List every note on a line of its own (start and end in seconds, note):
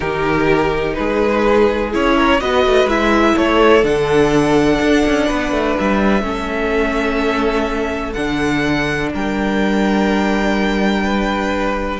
0.00 0.97 D#3
0.00 1.91 D#4
0.00 0.95 G4
0.00 0.94 A#4
0.94 1.94 G#3
0.94 2.16 G#4
0.94 1.90 B4
1.91 2.41 C#4
1.91 2.39 E4
1.91 2.40 C#5
2.16 2.40 A#4
2.40 2.65 B3
2.40 2.89 F#4
2.40 3.34 B4
2.40 2.88 D#5
2.65 2.85 A3
2.85 3.33 G#3
2.85 3.83 E4
2.85 3.37 E5
3.34 3.83 A3
3.34 5.26 A4
3.34 3.84 C#5
3.83 4.79 D3
3.83 6.22 D4
3.83 5.76 F#5
4.80 5.04 D4
5.06 5.30 C#4
5.26 5.51 B3
5.26 6.22 B4
5.51 5.75 A3
5.78 6.22 G3
5.78 8.13 E5
6.22 8.14 A3
6.22 8.14 C#4
6.22 9.13 A4
8.13 9.12 D3
8.13 12.00 D4
8.13 9.09 F#5
9.13 12.00 G3
9.13 11.04 A#4
9.13 12.00 G5
11.04 12.00 B4